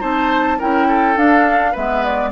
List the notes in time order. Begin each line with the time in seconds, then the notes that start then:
0.00 C4 D#4 C5 A5
0.58 C#4 E4 A#4 G5
0.88 A4
1.16 D4 F5
1.72 G#3 B3 B4 E5
2.03 D5